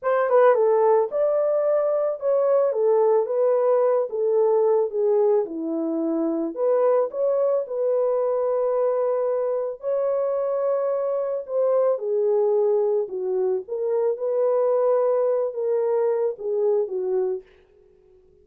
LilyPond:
\new Staff \with { instrumentName = "horn" } { \time 4/4 \tempo 4 = 110 c''8 b'8 a'4 d''2 | cis''4 a'4 b'4. a'8~ | a'4 gis'4 e'2 | b'4 cis''4 b'2~ |
b'2 cis''2~ | cis''4 c''4 gis'2 | fis'4 ais'4 b'2~ | b'8 ais'4. gis'4 fis'4 | }